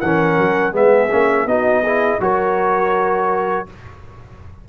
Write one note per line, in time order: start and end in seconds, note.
0.00 0.37 E3
0.00 0.72 C#4
0.00 0.73 A#4
0.00 0.73 F#5
0.37 0.73 F#3
0.72 1.09 G#3
0.72 1.08 B3
0.72 1.46 G#4
0.72 1.48 E5
1.11 1.46 A#3
1.11 1.47 C#4
1.46 2.19 B3
1.46 1.84 D#4
1.46 1.82 F#4
1.46 2.21 D#5
1.82 2.20 E4
1.82 2.19 G#4
2.19 3.66 F#3
2.19 3.66 F#4
2.19 3.68 A#4
2.19 3.68 C#5